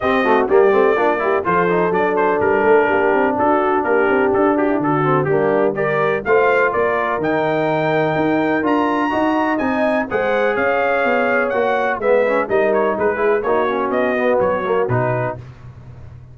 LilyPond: <<
  \new Staff \with { instrumentName = "trumpet" } { \time 4/4 \tempo 4 = 125 dis''4 d''2 c''4 | d''8 c''8 ais'2 a'4 | ais'4 a'8 g'8 a'4 g'4 | d''4 f''4 d''4 g''4~ |
g''2 ais''2 | gis''4 fis''4 f''2 | fis''4 e''4 dis''8 cis''8 b'4 | cis''4 dis''4 cis''4 b'4 | }
  \new Staff \with { instrumentName = "horn" } { \time 4/4 g'8 fis'8 g'4 f'8 g'8 a'4~ | a'2 g'4 fis'4 | g'4. fis'16 e'16 fis'4 d'4 | ais'4 c''4 ais'2~ |
ais'2. dis''4~ | dis''4 c''4 cis''2~ | cis''4 b'4 ais'4 gis'4 | fis'1 | }
  \new Staff \with { instrumentName = "trombone" } { \time 4/4 c'8 a8 ais8 c'8 d'8 e'8 f'8 dis'8 | d'1~ | d'2~ d'8 c'8 ais4 | g'4 f'2 dis'4~ |
dis'2 f'4 fis'4 | dis'4 gis'2. | fis'4 b8 cis'8 dis'4. e'8 | dis'8 cis'4 b4 ais8 dis'4 | }
  \new Staff \with { instrumentName = "tuba" } { \time 4/4 c'4 g8 a8 ais4 f4 | fis4 g8 a8 ais8 c'8 d'4 | ais8 c'8 d'4 d4 g4~ | g4 a4 ais4 dis4~ |
dis4 dis'4 d'4 dis'4 | c'4 gis4 cis'4 b4 | ais4 gis4 g4 gis4 | ais4 b4 fis4 b,4 | }
>>